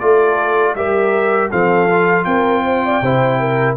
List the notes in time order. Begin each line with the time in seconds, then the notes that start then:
0.00 A3 F4 A4 D5
0.75 G3 G4 A#4 E5
1.51 F3 C4 A4 F5
1.90 F4
2.25 C4 A#4 G5
2.64 C5
2.85 D5
3.02 C3 E4 C5
3.40 A#4